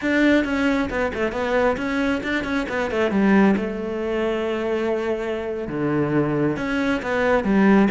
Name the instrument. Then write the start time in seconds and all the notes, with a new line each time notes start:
cello
0.01 D4
0.44 C#4
0.89 B3
1.14 A3
1.32 B3
1.77 C#4
2.23 D4
2.44 C#4
2.68 B3
2.91 A3
3.11 G3
3.57 A3
5.67 D3
6.57 C#4
7.02 B3
7.44 G3